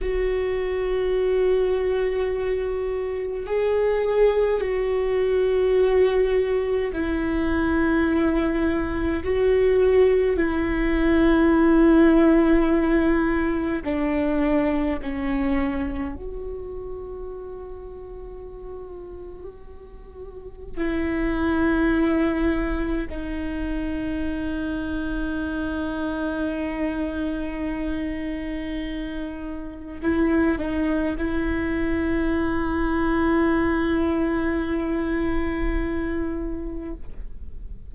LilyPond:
\new Staff \with { instrumentName = "viola" } { \time 4/4 \tempo 4 = 52 fis'2. gis'4 | fis'2 e'2 | fis'4 e'2. | d'4 cis'4 fis'2~ |
fis'2 e'2 | dis'1~ | dis'2 e'8 dis'8 e'4~ | e'1 | }